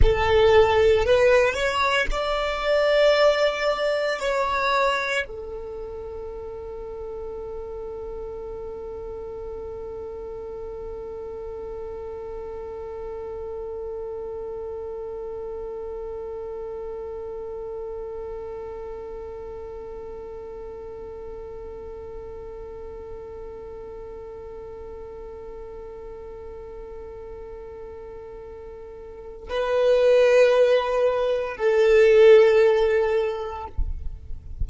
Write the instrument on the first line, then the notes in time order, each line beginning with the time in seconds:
violin
0.02 A4
1.05 B4
1.54 C#5
2.11 D5
4.19 C#5
5.27 A4
29.49 B4
31.56 A4